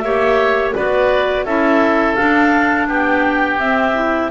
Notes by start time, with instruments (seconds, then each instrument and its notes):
0.00 double bass A#3, clarinet G4 E5, oboe C#5
0.75 double bass B3, clarinet F#4 D5, oboe B4
1.45 double bass C#4, clarinet E4 E5, oboe A4
2.15 clarinet D4 F5
2.22 double bass D4
2.89 double bass B3, oboe G4, clarinet G5
3.60 clarinet C4 E5, double bass C4
3.95 clarinet E4